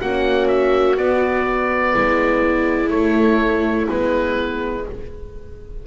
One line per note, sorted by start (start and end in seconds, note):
0.00 0.98 A#3
0.00 0.97 C#4
0.00 1.94 F#4
0.00 0.48 F#5
0.48 0.96 E5
0.97 2.89 B3
0.97 1.94 B3
0.97 2.90 D5
1.94 2.91 G#3
1.94 4.84 E4
2.89 3.86 A3
2.89 3.87 A3
2.89 3.86 C#5
3.89 4.87 G#3
3.89 4.86 B3
3.89 4.86 B4